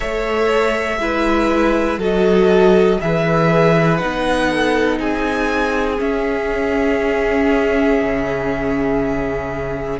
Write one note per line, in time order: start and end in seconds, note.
0.00 0.98 A3
0.00 0.98 A4
0.00 0.98 C#5
0.00 1.99 E5
0.98 1.98 G#3
0.98 1.99 E4
0.98 1.99 B4
1.98 2.98 F#3
1.98 2.99 F#4
1.98 2.99 A4
1.98 3.00 D#5
3.00 4.02 E3
3.00 3.99 G#4
3.00 4.49 B4
3.00 3.97 E5
3.97 4.99 B3
3.97 5.96 D#4
3.97 4.97 F#5
4.49 4.99 A4
4.99 5.99 C4
4.99 9.99 G#4
4.99 6.00 G#5
5.96 9.96 C#4
5.96 8.00 C#4
5.96 9.99 E5
8.02 9.99 C#3